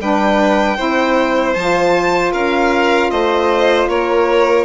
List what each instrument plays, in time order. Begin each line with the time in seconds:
0.00 bassoon G3, saxophone D4, violin B4 G5
0.77 bassoon C4, saxophone E4, violin C5
1.53 bassoon F3, saxophone F4, violin A5
2.32 bassoon C#4, violin A#4 F5
3.10 bassoon A3, violin C5 D#5
3.88 bassoon A#3, violin A#4 C#5